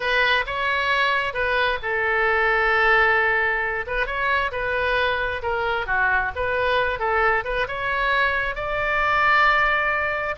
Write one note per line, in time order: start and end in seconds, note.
0.00 0.44 B4
0.46 1.33 C#5
1.33 1.78 B4
1.82 3.85 A4
3.86 4.06 B4
4.06 4.51 C#5
4.51 5.42 B4
5.42 5.86 A#4
5.86 6.31 F#4
6.35 6.99 B4
6.99 7.44 A4
7.44 7.67 B4
7.67 8.55 C#5
8.55 10.35 D5